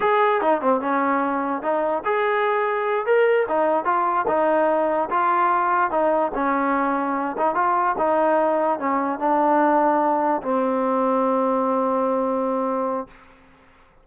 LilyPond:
\new Staff \with { instrumentName = "trombone" } { \time 4/4 \tempo 4 = 147 gis'4 dis'8 c'8 cis'2 | dis'4 gis'2~ gis'8 ais'8~ | ais'8 dis'4 f'4 dis'4.~ | dis'8 f'2 dis'4 cis'8~ |
cis'2 dis'8 f'4 dis'8~ | dis'4. cis'4 d'4.~ | d'4. c'2~ c'8~ | c'1 | }